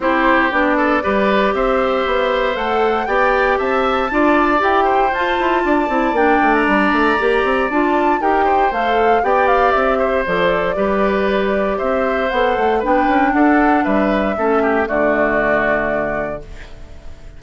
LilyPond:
<<
  \new Staff \with { instrumentName = "flute" } { \time 4/4 \tempo 4 = 117 c''4 d''2 e''4~ | e''4 fis''4 g''4 a''4~ | a''4 g''4 a''2 | g''8. ais''2~ ais''16 a''4 |
g''4 f''4 g''8 f''8 e''4 | d''2. e''4 | fis''4 g''4 fis''4 e''4~ | e''4 d''2. | }
  \new Staff \with { instrumentName = "oboe" } { \time 4/4 g'4. a'8 b'4 c''4~ | c''2 d''4 e''4 | d''4. c''4. d''4~ | d''1 |
ais'8 c''4. d''4. c''8~ | c''4 b'2 c''4~ | c''4 b'4 a'4 b'4 | a'8 g'8 fis'2. | }
  \new Staff \with { instrumentName = "clarinet" } { \time 4/4 e'4 d'4 g'2~ | g'4 a'4 g'2 | f'4 g'4 f'4. e'8 | d'2 g'4 f'4 |
g'4 a'4 g'2 | a'4 g'2. | a'4 d'2. | cis'4 a2. | }
  \new Staff \with { instrumentName = "bassoon" } { \time 4/4 c'4 b4 g4 c'4 | b4 a4 b4 c'4 | d'4 e'4 f'8 e'8 d'8 c'8 | ais8 a8 g8 a8 ais8 c'8 d'4 |
dis'4 a4 b4 c'4 | f4 g2 c'4 | b8 a8 b8 cis'8 d'4 g4 | a4 d2. | }
>>